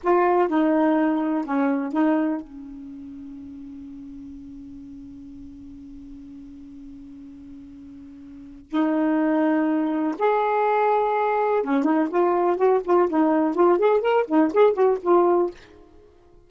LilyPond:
\new Staff \with { instrumentName = "saxophone" } { \time 4/4 \tempo 4 = 124 f'4 dis'2 cis'4 | dis'4 cis'2.~ | cis'1~ | cis'1~ |
cis'2 dis'2~ | dis'4 gis'2. | cis'8 dis'8 f'4 fis'8 f'8 dis'4 | f'8 gis'8 ais'8 dis'8 gis'8 fis'8 f'4 | }